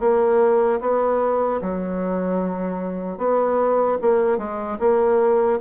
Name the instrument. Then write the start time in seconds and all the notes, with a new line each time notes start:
bassoon
0.00 A#3
0.81 B3
1.62 F#3
3.18 B3
4.02 A#3
4.38 G#3
4.80 A#3